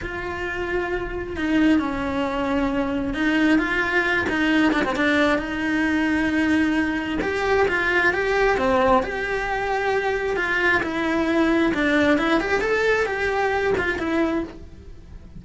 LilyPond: \new Staff \with { instrumentName = "cello" } { \time 4/4 \tempo 4 = 133 f'2. dis'4 | cis'2. dis'4 | f'4. dis'4 d'16 c'16 d'4 | dis'1 |
g'4 f'4 g'4 c'4 | g'2. f'4 | e'2 d'4 e'8 g'8 | a'4 g'4. f'8 e'4 | }